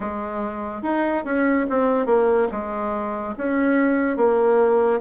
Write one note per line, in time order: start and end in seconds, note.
0.00 0.82 G#3
0.82 1.23 D#4
1.25 1.66 C#4
1.69 2.06 C4
2.06 2.47 A#3
2.51 3.34 G#3
3.37 4.17 C#4
4.17 5.00 A#3